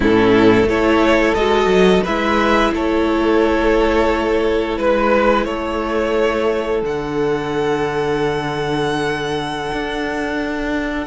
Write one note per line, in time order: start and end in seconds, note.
0.00 0.64 A2
0.00 0.67 C#4
0.00 0.67 E4
0.00 0.69 A4
0.64 1.32 A3
0.64 1.36 E4
0.64 2.03 A4
0.64 1.34 C#5
1.34 1.66 G#3
1.34 2.04 F#4
1.34 2.02 D#5
1.66 2.00 F#3
2.03 2.73 G#3
2.03 6.83 E4
2.03 2.71 B4
2.03 2.73 E5
2.73 4.77 A3
2.73 4.79 A4
2.73 4.77 C#5
4.77 5.46 G#3
4.77 5.44 B4
4.77 5.45 B4
5.44 6.82 A3
5.44 11.06 A4
5.44 6.81 C#5
6.82 9.71 D3
6.82 11.06 D4
6.82 11.06 F#5
9.72 11.06 D4